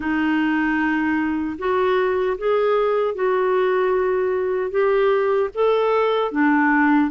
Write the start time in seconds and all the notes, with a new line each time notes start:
0.00 D#4
1.58 F#4
2.38 G#4
3.14 F#4
4.70 G4
5.54 A4
6.31 D4